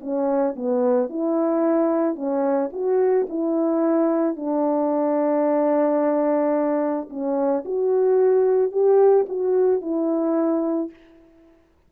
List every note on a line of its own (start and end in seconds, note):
0.00 0.55 C#4
0.56 1.09 B3
1.09 2.15 E4
2.15 2.70 C#4
2.72 3.27 F#4
3.29 4.36 E4
4.36 7.09 D4
7.09 7.64 C#4
7.65 8.71 F#4
8.71 9.26 G4
9.28 9.81 F#4
9.81 10.90 E4